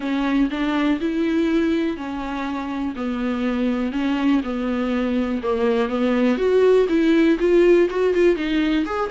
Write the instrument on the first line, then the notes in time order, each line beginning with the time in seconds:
viola
0.00 C#4
0.50 D4
1.00 E4
1.96 C#4
2.95 B3
3.92 C#4
4.43 B3
5.42 A#3
5.89 B3
6.37 F#4
6.89 E4
7.39 F4
7.89 F#4
8.13 F4
8.36 D#4
8.85 G#4